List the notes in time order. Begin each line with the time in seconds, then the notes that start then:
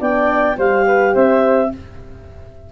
0.00 B3 D4 D5 G5
0.56 G3 G4 C5 F5
0.87 B4
1.14 C4 C5 E5